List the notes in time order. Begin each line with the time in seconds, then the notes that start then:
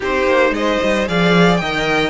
0.00 C4 D#4 G4 C5
0.25 A#3
0.50 G#3 D#5
0.56 C5
0.83 G3
1.06 F3 G#4 D5 F5
1.56 D#3 A#4 D#5 G5